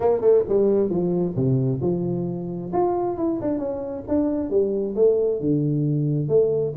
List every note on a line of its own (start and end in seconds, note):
0.00 0.21 A#3
0.21 0.43 A3
0.48 0.89 G3
0.89 1.34 F3
1.35 1.80 C3
1.81 2.71 F3
2.72 3.17 F4
3.17 3.40 E4
3.41 3.58 D4
3.58 4.03 C#4
4.07 4.49 D4
4.49 4.95 G3
4.95 5.40 A3
5.40 6.28 D3
6.28 6.73 A3